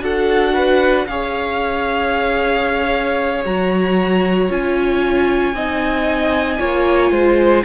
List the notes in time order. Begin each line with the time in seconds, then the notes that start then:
0.00 D4 F#4 A4 F#5
0.53 B4
1.07 C#4 G#4 C#5 F5
3.45 F#3 F#4 A#5
4.49 C#4 F4 G#5
5.53 C4 D#4 D#5
6.58 A#3 F4 C#5
7.11 G#3 C5